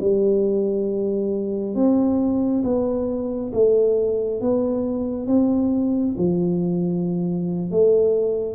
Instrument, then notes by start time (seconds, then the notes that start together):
tuba
0.00 G3
1.75 C4
2.64 B3
3.54 A3
4.41 B3
5.27 C4
6.18 F3
7.71 A3